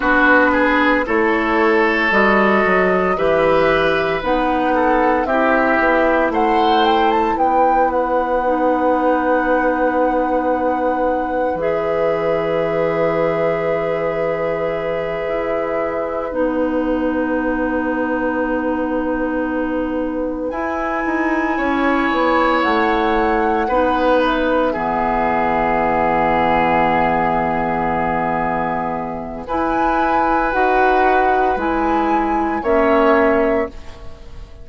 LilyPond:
<<
  \new Staff \with { instrumentName = "flute" } { \time 4/4 \tempo 4 = 57 b'4 cis''4 dis''4 e''4 | fis''4 e''4 fis''8 g''16 a''16 g''8 fis''8~ | fis''2. e''4~ | e''2.~ e''8 fis''8~ |
fis''2.~ fis''8 gis''8~ | gis''4. fis''4. e''4~ | e''1 | gis''4 fis''4 gis''4 e''4 | }
  \new Staff \with { instrumentName = "oboe" } { \time 4/4 fis'8 gis'8 a'2 b'4~ | b'8 a'8 g'4 c''4 b'4~ | b'1~ | b'1~ |
b'1~ | b'8 cis''2 b'4 gis'8~ | gis'1 | b'2. cis''4 | }
  \new Staff \with { instrumentName = "clarinet" } { \time 4/4 d'4 e'4 fis'4 g'4 | dis'4 e'2. | dis'2. gis'4~ | gis'2.~ gis'8 dis'8~ |
dis'2.~ dis'8 e'8~ | e'2~ e'8 dis'4 b8~ | b1 | e'4 fis'4 e'4 cis'4 | }
  \new Staff \with { instrumentName = "bassoon" } { \time 4/4 b4 a4 g8 fis8 e4 | b4 c'8 b8 a4 b4~ | b2. e4~ | e2~ e8 e'4 b8~ |
b2.~ b8 e'8 | dis'8 cis'8 b8 a4 b4 e8~ | e1 | e'4 dis'4 gis4 ais4 | }
>>